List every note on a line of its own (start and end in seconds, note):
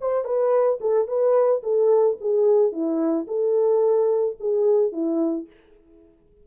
0.00 0.24 C5
0.24 0.79 B4
0.80 1.07 A4
1.07 1.62 B4
1.63 2.17 A4
2.20 2.72 G#4
2.72 3.26 E4
3.27 4.36 A4
4.40 4.92 G#4
4.92 5.46 E4